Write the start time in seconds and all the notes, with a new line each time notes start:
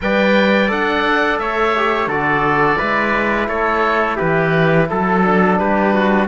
0.01 G3 B4 D5 G5
0.67 D4 A4 F#5
1.39 A3 C#5 E5
1.76 G4
2.06 D3 F#4 A4 D5
2.77 G#3 E4 B4
3.47 A3 A4 C#5
4.16 E3 G4 B4
4.89 F#3 A4
5.23 D4
5.58 G3 G4 B4
5.93 F#4